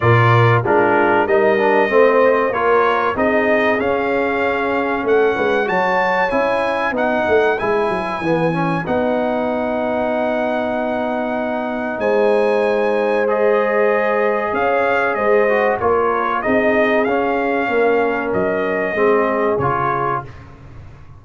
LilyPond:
<<
  \new Staff \with { instrumentName = "trumpet" } { \time 4/4 \tempo 4 = 95 d''4 ais'4 dis''2 | cis''4 dis''4 f''2 | fis''4 a''4 gis''4 fis''4 | gis''2 fis''2~ |
fis''2. gis''4~ | gis''4 dis''2 f''4 | dis''4 cis''4 dis''4 f''4~ | f''4 dis''2 cis''4 | }
  \new Staff \with { instrumentName = "horn" } { \time 4/4 ais'4 f'4 ais'4 c''4 | ais'4 gis'2. | a'8 b'8 cis''2 b'4~ | b'1~ |
b'2. c''4~ | c''2. cis''4 | c''4 ais'4 gis'2 | ais'2 gis'2 | }
  \new Staff \with { instrumentName = "trombone" } { \time 4/4 f'4 d'4 dis'8 d'8 c'4 | f'4 dis'4 cis'2~ | cis'4 fis'4 e'4 dis'4 | e'4 b8 cis'8 dis'2~ |
dis'1~ | dis'4 gis'2.~ | gis'8 fis'8 f'4 dis'4 cis'4~ | cis'2 c'4 f'4 | }
  \new Staff \with { instrumentName = "tuba" } { \time 4/4 ais,4 gis4 g4 a4 | ais4 c'4 cis'2 | a8 gis8 fis4 cis'4 b8 a8 | gis8 fis8 e4 b2~ |
b2. gis4~ | gis2. cis'4 | gis4 ais4 c'4 cis'4 | ais4 fis4 gis4 cis4 | }
>>